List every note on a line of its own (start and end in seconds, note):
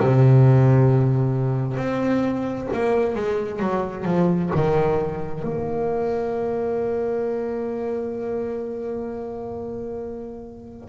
0.00 1.77 C3
1.77 2.68 C4
2.73 3.15 A#3
3.15 3.60 G#3
3.60 4.05 F#3
4.05 4.51 F3
4.55 5.43 D#3
5.43 10.88 A#3